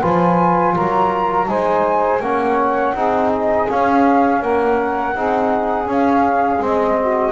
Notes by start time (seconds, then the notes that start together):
0.00 F3 F4 B4 G#5
0.74 F#3 A#4 A#5
1.47 G#3 D#4 C5 G#5
2.20 A#3 C#4 C#5 F#5
2.94 C4 D#4 G#4
3.32 D#5
3.69 C#4 F5
4.42 A#3 A#4 F#5
5.15 C4 D#4 G#4
5.86 C#4 F5
6.59 G#3 C4
6.65 D#5
6.99 F#4